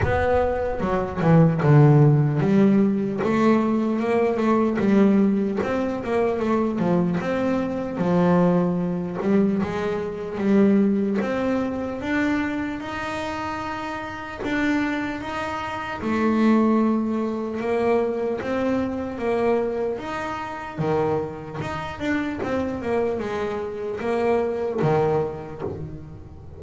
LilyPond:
\new Staff \with { instrumentName = "double bass" } { \time 4/4 \tempo 4 = 75 b4 fis8 e8 d4 g4 | a4 ais8 a8 g4 c'8 ais8 | a8 f8 c'4 f4. g8 | gis4 g4 c'4 d'4 |
dis'2 d'4 dis'4 | a2 ais4 c'4 | ais4 dis'4 dis4 dis'8 d'8 | c'8 ais8 gis4 ais4 dis4 | }